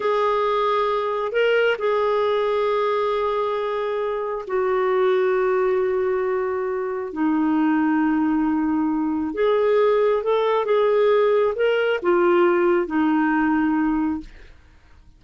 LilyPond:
\new Staff \with { instrumentName = "clarinet" } { \time 4/4 \tempo 4 = 135 gis'2. ais'4 | gis'1~ | gis'2 fis'2~ | fis'1 |
dis'1~ | dis'4 gis'2 a'4 | gis'2 ais'4 f'4~ | f'4 dis'2. | }